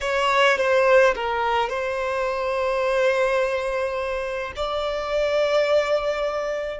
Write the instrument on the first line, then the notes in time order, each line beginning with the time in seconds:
violin
0.01 C#5
0.57 C5
1.15 A#4
1.69 C5
4.55 D5